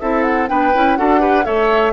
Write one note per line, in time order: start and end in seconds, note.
0.00 0.50 C4
0.00 0.48 E4
0.00 0.49 A4
0.00 0.23 E5
0.23 0.47 F#5
0.48 0.74 B3
0.48 0.72 D4
0.48 0.98 B4
0.48 0.97 G5
0.74 0.98 C#4
0.74 0.98 E4
0.97 1.46 D4
0.97 1.19 F#4
0.97 1.20 A4
0.97 1.45 F#5
1.19 1.43 G4
1.19 1.44 B4
1.44 1.93 A3
1.44 1.92 A4
1.44 1.93 C#5
1.44 1.93 E5